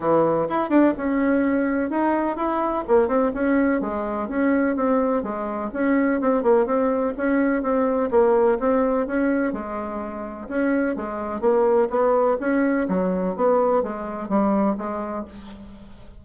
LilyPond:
\new Staff \with { instrumentName = "bassoon" } { \time 4/4 \tempo 4 = 126 e4 e'8 d'8 cis'2 | dis'4 e'4 ais8 c'8 cis'4 | gis4 cis'4 c'4 gis4 | cis'4 c'8 ais8 c'4 cis'4 |
c'4 ais4 c'4 cis'4 | gis2 cis'4 gis4 | ais4 b4 cis'4 fis4 | b4 gis4 g4 gis4 | }